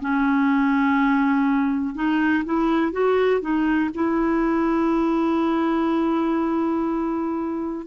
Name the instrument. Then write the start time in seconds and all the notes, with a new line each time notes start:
clarinet
0.00 C#4
1.94 D#4
2.44 E4
2.92 F#4
3.41 D#4
3.94 E4